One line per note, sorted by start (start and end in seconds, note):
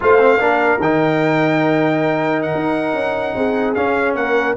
0.00 0.40 A3
0.00 0.18 F4
0.00 0.42 C5
0.00 0.81 F5
0.18 0.38 C4
0.39 0.79 A#3
0.39 0.79 D4
0.39 3.36 A#4
0.79 2.51 D#3
0.79 3.76 D#4
0.79 2.42 G5
2.42 3.74 F#5
2.54 2.93 D#4
2.93 3.34 C#4
3.34 3.75 C4
3.34 4.17 G#4
3.74 4.56 C#4
3.74 4.14 C#4
3.74 4.14 F5
4.14 4.55 A#3
4.14 4.56 A#4
4.14 4.56 F#5